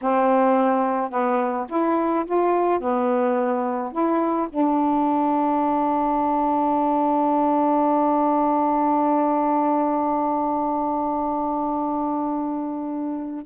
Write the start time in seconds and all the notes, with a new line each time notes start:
0.01 C4
1.10 B3
1.68 E4
2.25 F4
2.80 B3
3.92 E4
4.49 D4